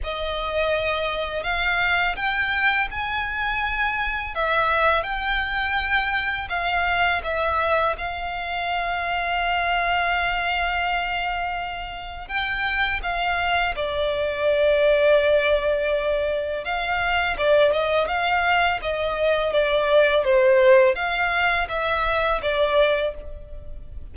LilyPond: \new Staff \with { instrumentName = "violin" } { \time 4/4 \tempo 4 = 83 dis''2 f''4 g''4 | gis''2 e''4 g''4~ | g''4 f''4 e''4 f''4~ | f''1~ |
f''4 g''4 f''4 d''4~ | d''2. f''4 | d''8 dis''8 f''4 dis''4 d''4 | c''4 f''4 e''4 d''4 | }